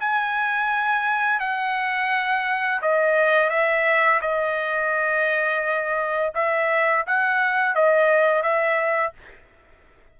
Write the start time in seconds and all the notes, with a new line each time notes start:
0.00 G#5
1.40 F#5
2.82 D#5
3.50 E5
4.22 D#5
6.35 E5
7.07 F#5
7.75 D#5
8.43 E5